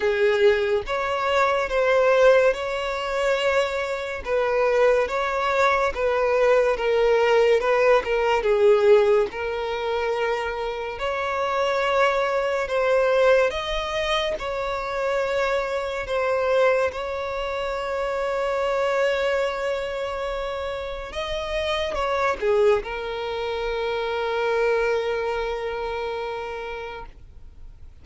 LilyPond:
\new Staff \with { instrumentName = "violin" } { \time 4/4 \tempo 4 = 71 gis'4 cis''4 c''4 cis''4~ | cis''4 b'4 cis''4 b'4 | ais'4 b'8 ais'8 gis'4 ais'4~ | ais'4 cis''2 c''4 |
dis''4 cis''2 c''4 | cis''1~ | cis''4 dis''4 cis''8 gis'8 ais'4~ | ais'1 | }